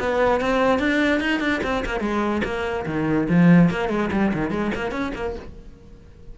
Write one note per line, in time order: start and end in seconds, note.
0.00 0.41 B3
0.41 0.79 C4
0.79 1.21 D4
1.21 1.40 D#4
1.40 1.61 D4
1.64 1.84 C4
1.86 2.01 A#3
2.01 2.42 G#3
2.44 2.86 A#3
2.87 3.28 D#3
3.30 3.70 F3
3.70 3.89 A#3
3.89 4.10 G#3
4.12 4.33 G3
4.34 4.51 D#3
4.51 4.72 G#3
4.75 4.92 A#3
4.92 5.13 C#4
5.15 5.36 A#3